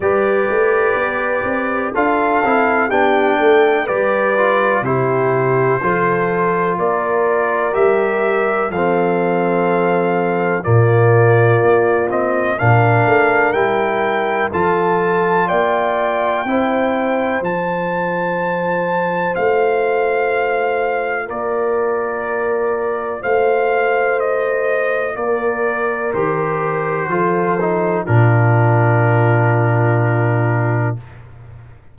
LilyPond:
<<
  \new Staff \with { instrumentName = "trumpet" } { \time 4/4 \tempo 4 = 62 d''2 f''4 g''4 | d''4 c''2 d''4 | e''4 f''2 d''4~ | d''8 dis''8 f''4 g''4 a''4 |
g''2 a''2 | f''2 d''2 | f''4 dis''4 d''4 c''4~ | c''4 ais'2. | }
  \new Staff \with { instrumentName = "horn" } { \time 4/4 b'2 a'4 g'8 a'8 | b'4 g'4 a'4 ais'4~ | ais'4 a'2 f'4~ | f'4 ais'2 a'4 |
d''4 c''2.~ | c''2 ais'2 | c''2 ais'2 | a'4 f'2. | }
  \new Staff \with { instrumentName = "trombone" } { \time 4/4 g'2 f'8 e'8 d'4 | g'8 f'8 e'4 f'2 | g'4 c'2 ais4~ | ais8 c'8 d'4 e'4 f'4~ |
f'4 e'4 f'2~ | f'1~ | f'2. g'4 | f'8 dis'8 d'2. | }
  \new Staff \with { instrumentName = "tuba" } { \time 4/4 g8 a8 b8 c'8 d'8 c'8 b8 a8 | g4 c4 f4 ais4 | g4 f2 ais,4 | ais4 ais,8 a8 g4 f4 |
ais4 c'4 f2 | a2 ais2 | a2 ais4 dis4 | f4 ais,2. | }
>>